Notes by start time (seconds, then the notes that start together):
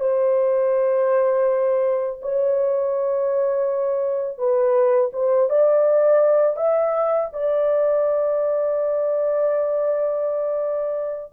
0.00 C5
2.22 C#5
4.38 B4
5.13 C5
5.49 D5
6.56 E5
7.32 D5